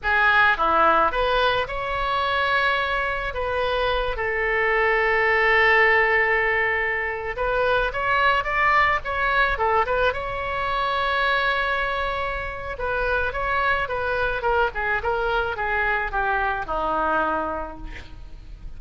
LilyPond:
\new Staff \with { instrumentName = "oboe" } { \time 4/4 \tempo 4 = 108 gis'4 e'4 b'4 cis''4~ | cis''2 b'4. a'8~ | a'1~ | a'4~ a'16 b'4 cis''4 d''8.~ |
d''16 cis''4 a'8 b'8 cis''4.~ cis''16~ | cis''2. b'4 | cis''4 b'4 ais'8 gis'8 ais'4 | gis'4 g'4 dis'2 | }